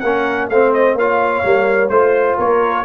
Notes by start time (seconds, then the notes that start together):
0.00 A#3 C#4 A#4 F#5
0.50 A3 C4 C5 F5
0.74 D#5
0.95 A#3 F4 C#5 F5
1.44 G3 A#3
1.89 A3 F4 C5
2.38 A#3 A#4 C#5